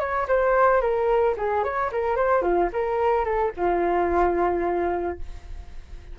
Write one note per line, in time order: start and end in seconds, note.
0.00 0.27 C#5
0.29 0.81 C5
0.81 1.35 A#4
1.38 1.64 G#4
1.64 1.91 C#5
1.92 2.16 A#4
2.16 2.43 C5
2.43 2.70 F4
2.73 3.25 A#4
3.25 3.52 A4
3.57 5.19 F4